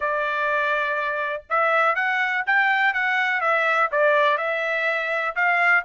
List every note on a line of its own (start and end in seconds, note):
0.00 1.43 D5
1.49 1.95 E5
1.95 2.43 F#5
2.46 2.93 G5
2.93 3.41 F#5
3.41 3.89 E5
3.91 4.37 D5
4.37 5.35 E5
5.35 5.84 F5